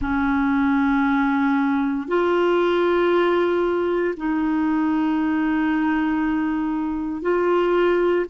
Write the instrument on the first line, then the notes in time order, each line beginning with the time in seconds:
clarinet
0.01 C#4
2.07 F4
4.17 D#4
7.22 F4